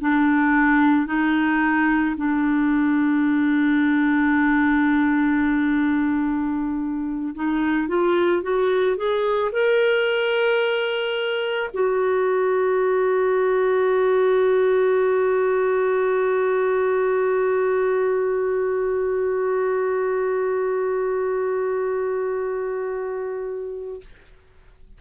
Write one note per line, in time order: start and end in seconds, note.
0.00 1.06 D4
1.06 2.15 D#4
2.16 7.34 D4
7.34 7.87 D#4
7.87 8.42 F4
8.42 8.97 F#4
8.97 9.51 G#4
9.52 11.70 A#4
11.73 24.00 F#4